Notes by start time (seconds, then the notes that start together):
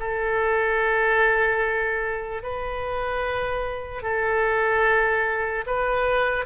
0.00 A4
2.43 B4
4.03 A4
5.67 B4